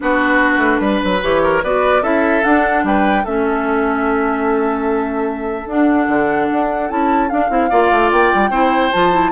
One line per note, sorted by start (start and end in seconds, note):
0.00 0.57 B3
0.00 1.20 D4
0.00 0.81 F#4
0.00 1.22 B4
0.57 0.78 A3
0.80 1.00 G3
0.80 1.42 B4
1.04 1.23 F#3
1.22 1.63 E3
1.22 1.62 G4
1.22 1.63 C#5
1.43 1.63 A#4
1.63 2.02 B3
1.63 2.02 F#4
1.63 2.02 B4
1.63 2.03 D5
2.02 2.43 C#4
2.02 2.42 E4
2.02 2.83 A4
2.02 2.43 E5
2.43 3.25 D4
2.43 2.83 D4
2.43 2.84 F#5
2.83 3.24 G3
2.83 3.24 B4
2.83 3.25 G5
3.24 5.66 A3
3.24 5.67 C#4
3.24 7.69 A4
3.24 5.69 E5
5.66 6.06 D4
5.66 6.88 D4
5.66 6.90 F#5
6.08 6.48 D3
6.52 6.90 D4
6.88 7.30 C#4
6.88 7.29 E4
6.88 7.29 A5
7.29 7.49 D4
7.29 8.10 F5
7.49 7.70 C4
7.49 7.70 E4
7.69 7.91 A#3
7.69 8.51 F4
7.69 8.50 D5
7.91 8.11 A3
8.11 8.32 A#3
8.11 8.91 G5
8.34 8.49 G3
8.49 8.90 C4
8.49 8.91 E4
8.49 9.31 C5
8.91 9.31 F3
8.91 9.12 F4
8.91 9.31 A5
9.12 9.31 E4